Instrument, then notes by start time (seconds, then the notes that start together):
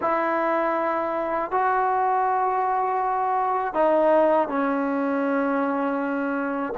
trombone
0.01 E4
1.51 F#4
3.74 D#4
4.48 C#4